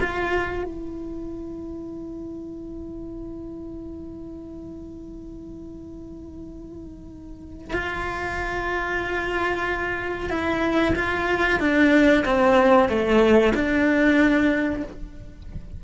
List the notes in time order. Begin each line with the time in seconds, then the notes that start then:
0.00 F4
0.64 E4
7.73 F4
10.30 E4
10.95 F4
11.60 D4
12.25 C4
12.89 A3
13.54 D4